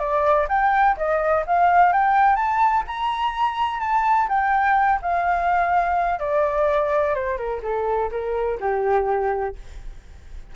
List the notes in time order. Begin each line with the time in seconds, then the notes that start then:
0.00 D5
0.49 G5
0.97 D#5
1.47 F5
1.93 G5
2.36 A5
2.87 A#5
3.81 A5
4.29 G5
5.02 F5
6.20 D5
7.15 C5
7.38 A#4
7.63 A4
8.12 A#4
8.61 G4